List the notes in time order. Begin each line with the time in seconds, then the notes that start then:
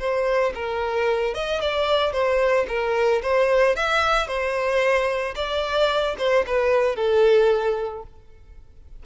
0.00 C5
0.55 A#4
1.34 D#5
1.61 D5
2.13 C5
2.69 A#4
3.23 C5
3.76 E5
4.28 C5
5.36 D5
6.19 C5
6.47 B4
6.96 A4